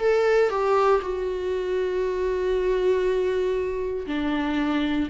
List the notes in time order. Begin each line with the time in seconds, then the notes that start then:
0.00 A4
0.50 G4
1.02 F#4
4.07 D4